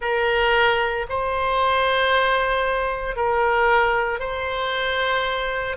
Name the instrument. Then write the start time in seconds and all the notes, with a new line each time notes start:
oboe
0.00 A#4
1.09 C5
3.16 A#4
4.19 C5